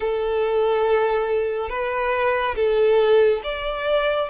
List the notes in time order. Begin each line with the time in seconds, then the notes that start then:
0.00 A4
1.69 B4
2.55 A4
3.43 D5